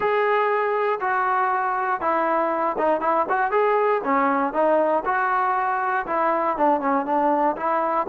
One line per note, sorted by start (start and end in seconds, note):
0.00 0.99 G#4
1.00 2.00 F#4
2.00 2.76 E4
2.78 3.00 D#4
3.00 3.26 E4
3.29 3.51 F#4
3.51 4.01 G#4
4.04 4.53 C#4
4.53 5.03 D#4
5.05 6.05 F#4
6.06 6.57 E4
6.57 6.80 D4
6.80 7.05 C#4
7.05 7.56 D4
7.56 8.06 E4